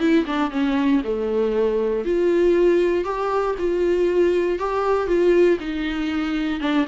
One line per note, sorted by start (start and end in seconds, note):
0.00 0.25 E4
0.27 0.51 D4
0.51 1.02 C#4
1.04 2.05 A3
2.05 3.05 F4
3.05 3.55 G4
3.59 4.59 F4
4.59 5.07 G4
5.07 5.58 F4
5.60 6.61 D#4
6.61 6.86 D4